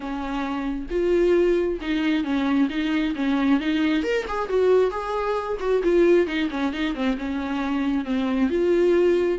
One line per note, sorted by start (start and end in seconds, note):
0.00 0.86 C#4
0.90 1.79 F4
1.81 2.23 D#4
2.23 2.68 C#4
2.69 3.14 D#4
3.15 3.60 C#4
3.60 4.03 D#4
4.03 4.25 A#4
4.28 4.48 G#4
4.48 4.90 F#4
4.90 5.57 G#4
5.59 5.81 F#4
5.83 6.27 F4
6.27 6.49 D#4
6.50 6.72 C#4
6.72 6.94 D#4
6.94 7.17 C4
7.18 8.04 C#4
8.04 8.49 C4
8.49 9.38 F4